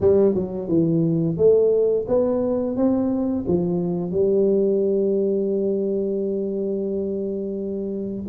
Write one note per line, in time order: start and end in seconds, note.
0.01 0.34 G3
0.34 0.68 F#3
0.68 1.37 E3
1.37 2.06 A3
2.08 2.76 B3
2.76 3.45 C4
3.47 4.11 F3
4.11 8.24 G3